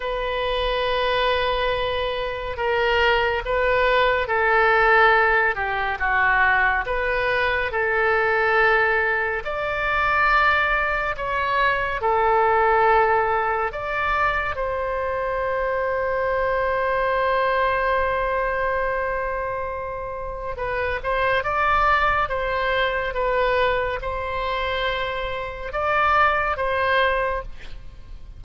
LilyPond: \new Staff \with { instrumentName = "oboe" } { \time 4/4 \tempo 4 = 70 b'2. ais'4 | b'4 a'4. g'8 fis'4 | b'4 a'2 d''4~ | d''4 cis''4 a'2 |
d''4 c''2.~ | c''1 | b'8 c''8 d''4 c''4 b'4 | c''2 d''4 c''4 | }